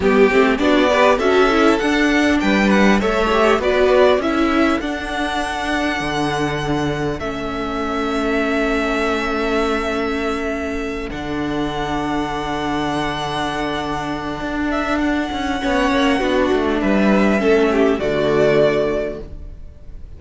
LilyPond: <<
  \new Staff \with { instrumentName = "violin" } { \time 4/4 \tempo 4 = 100 g'4 d''4 e''4 fis''4 | g''8 fis''8 e''4 d''4 e''4 | fis''1 | e''1~ |
e''2~ e''8 fis''4.~ | fis''1~ | fis''8 e''8 fis''2. | e''2 d''2 | }
  \new Staff \with { instrumentName = "violin" } { \time 4/4 g'4 fis'8 b'8 a'2 | b'4 cis''4 b'4 a'4~ | a'1~ | a'1~ |
a'1~ | a'1~ | a'2 cis''4 fis'4 | b'4 a'8 g'8 fis'2 | }
  \new Staff \with { instrumentName = "viola" } { \time 4/4 b8 c'8 d'8 g'8 fis'8 e'8 d'4~ | d'4 a'8 g'8 fis'4 e'4 | d'1 | cis'1~ |
cis'2~ cis'8 d'4.~ | d'1~ | d'2 cis'4 d'4~ | d'4 cis'4 a2 | }
  \new Staff \with { instrumentName = "cello" } { \time 4/4 g8 a8 b4 cis'4 d'4 | g4 a4 b4 cis'4 | d'2 d2 | a1~ |
a2~ a8 d4.~ | d1 | d'4. cis'8 b8 ais8 b8 a8 | g4 a4 d2 | }
>>